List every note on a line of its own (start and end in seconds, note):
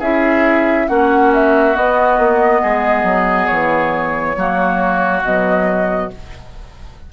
0.00 0.87 C#4
0.00 0.89 E4
0.00 0.87 G#4
0.00 0.88 E5
0.88 1.76 A#3
0.88 1.75 C#4
0.88 2.62 F#4
0.88 1.32 F#5
1.34 1.77 E5
1.75 4.36 B3
1.75 2.18 B3
1.75 3.47 D#5
2.18 2.62 A#3
2.62 3.03 G#3
2.62 4.36 G#4
3.03 3.47 F#3
3.47 4.37 E3
3.47 5.21 C#5
4.37 5.23 F#3
4.37 5.24 A#3
4.37 6.13 F#4
5.23 6.10 B2
5.23 6.12 F#3
5.23 6.11 D#5